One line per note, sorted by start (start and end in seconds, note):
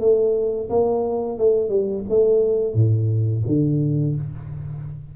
0.00 0.69 A3
0.70 1.38 A#3
1.38 1.69 A3
1.69 2.04 G3
2.09 2.74 A3
2.74 3.43 A2
3.47 4.16 D3